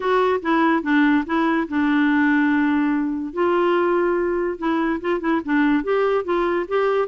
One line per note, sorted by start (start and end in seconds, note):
0.00 0.40 F#4
0.42 0.82 E4
0.82 1.24 D4
1.26 1.67 E4
1.68 3.33 D4
3.33 4.58 F4
4.58 5.00 E4
5.00 5.20 F4
5.20 5.41 E4
5.45 5.83 D4
5.83 6.24 G4
6.24 6.66 F4
6.68 7.08 G4